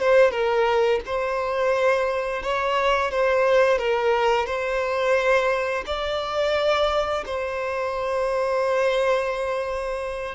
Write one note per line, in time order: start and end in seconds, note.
0.00 0.31 C5
0.31 1.00 A#4
1.06 2.43 C5
2.43 3.11 C#5
3.11 3.79 C5
3.79 4.47 A#4
4.47 5.85 C5
5.87 7.24 D5
7.26 10.35 C5